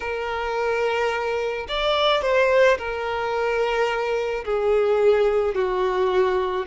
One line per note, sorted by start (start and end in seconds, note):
0.00 1.66 A#4
1.68 2.22 D5
2.22 2.77 C5
2.78 4.44 A#4
4.44 5.55 G#4
5.55 6.66 F#4